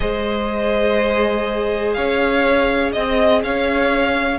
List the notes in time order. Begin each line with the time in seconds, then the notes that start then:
0.00 G#3 G#4 C5 D#5
1.93 C#4 C#5 F5
2.92 C4 D#5
3.43 C#4 C#5 F5